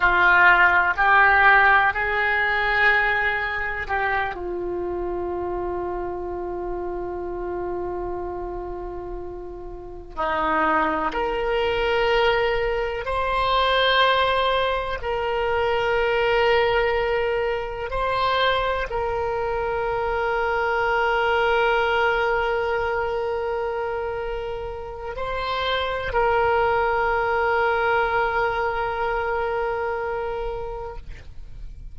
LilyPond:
\new Staff \with { instrumentName = "oboe" } { \time 4/4 \tempo 4 = 62 f'4 g'4 gis'2 | g'8 f'2.~ f'8~ | f'2~ f'8 dis'4 ais'8~ | ais'4. c''2 ais'8~ |
ais'2~ ais'8 c''4 ais'8~ | ais'1~ | ais'2 c''4 ais'4~ | ais'1 | }